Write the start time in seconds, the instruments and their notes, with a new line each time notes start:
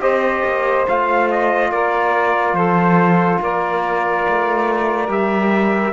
0.00 cello C4, trombone G4, saxophone C5, trumpet D#5
0.44 cello A#3
0.87 cello A3, trombone F4, trumpet F5
1.31 trumpet D#5
1.71 cello A#3, saxophone A#4, trumpet D5
2.53 cello F3, saxophone A4, trumpet C5
3.41 cello A#3, saxophone A#4, trumpet D5
4.29 cello A3
5.08 cello G3, trombone G4, trumpet E5